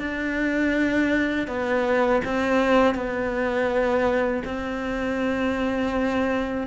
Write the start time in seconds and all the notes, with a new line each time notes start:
0.00 D4
1.48 B3
2.25 C4
2.95 B3
4.45 C4